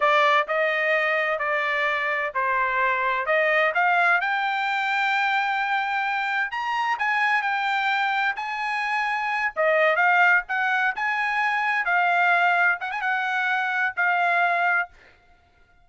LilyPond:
\new Staff \with { instrumentName = "trumpet" } { \time 4/4 \tempo 4 = 129 d''4 dis''2 d''4~ | d''4 c''2 dis''4 | f''4 g''2.~ | g''2 ais''4 gis''4 |
g''2 gis''2~ | gis''8 dis''4 f''4 fis''4 gis''8~ | gis''4. f''2 fis''16 gis''16 | fis''2 f''2 | }